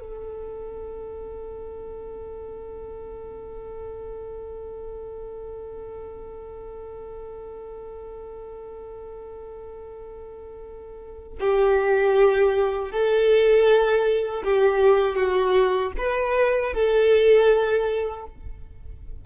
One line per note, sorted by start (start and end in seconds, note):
0.00 11.39 A4
11.40 12.91 G4
12.91 14.43 A4
14.44 15.16 G4
15.16 15.92 F#4
15.98 16.74 B4
16.74 18.26 A4